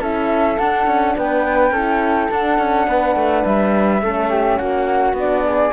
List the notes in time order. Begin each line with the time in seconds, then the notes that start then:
0.00 C#4 E4 A4 E5
0.58 D4 F#5
0.86 C#4
1.16 B3 B4 G5
1.70 C#4 E4 A4
2.30 D4 F#5
2.58 C#4
2.87 B3 B4
3.15 A3
3.44 G3 E5
4.02 A3 C#4 A4
4.29 G4
4.57 A#3 F#4 F#5
5.13 B3 D4
5.19 D5
5.45 G#4